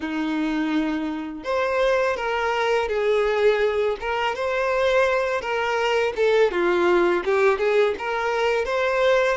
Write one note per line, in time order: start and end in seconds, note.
0.00 1.44 D#4
1.44 2.16 C5
2.16 2.88 A#4
2.88 3.96 G#4
4.00 4.35 A#4
4.35 5.41 C5
5.41 6.13 A#4
6.16 6.51 A4
6.51 7.23 F4
7.25 7.58 G4
7.58 7.94 G#4
7.98 8.65 A#4
8.65 9.37 C5